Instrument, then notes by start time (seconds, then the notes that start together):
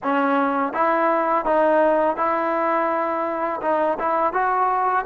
trombone
0.03 C#4
0.73 E4
1.45 D#4
2.16 E4
3.61 D#4
3.99 E4
4.33 F#4